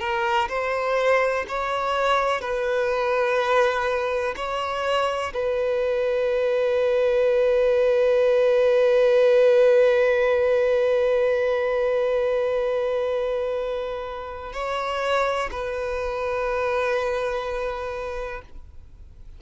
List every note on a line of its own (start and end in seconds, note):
0.00 0.48 A#4
0.49 1.46 C5
1.48 2.41 C#5
2.41 4.35 B4
4.37 5.34 C#5
5.34 14.53 B4
14.53 15.50 C#5
15.52 18.42 B4